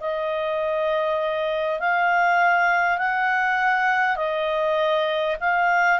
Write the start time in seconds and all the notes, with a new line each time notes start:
0.00 D#5
1.79 F5
2.98 F#5
4.16 D#5
5.40 F5